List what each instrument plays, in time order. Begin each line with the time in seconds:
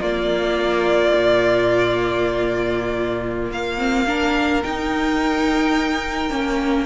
0.00 cello A#3, viola A#3, violin F4 D5
1.16 cello A#2
3.51 cello A#3, violin F5
3.78 viola C4
4.07 viola D4, violin A#4
4.63 viola D#4, cello D#4, violin G5
6.30 cello A#3, viola C#4